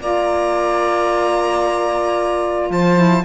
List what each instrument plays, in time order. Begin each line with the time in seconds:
0.00 cello A#3, saxophone F4 D5, violin A#5
2.70 cello F3, saxophone C5, violin A5
2.96 saxophone E4